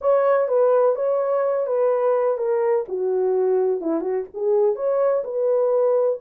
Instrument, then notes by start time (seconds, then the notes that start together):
horn
0.01 C#5
0.48 B4
0.95 C#5
1.66 B4
2.37 A#4
2.88 F#4
3.80 E4
4.00 F#4
4.33 G#4
4.75 C#5
5.24 B4